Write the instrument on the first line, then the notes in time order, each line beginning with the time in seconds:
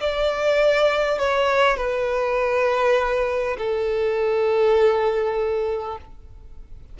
violin
0.00 D5
1.19 C#5
1.77 B4
3.58 A4